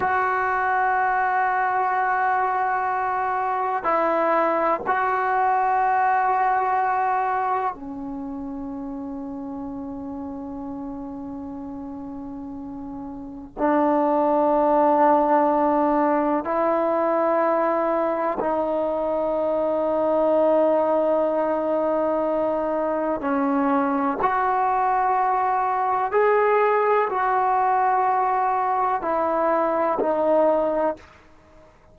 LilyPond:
\new Staff \with { instrumentName = "trombone" } { \time 4/4 \tempo 4 = 62 fis'1 | e'4 fis'2. | cis'1~ | cis'2 d'2~ |
d'4 e'2 dis'4~ | dis'1 | cis'4 fis'2 gis'4 | fis'2 e'4 dis'4 | }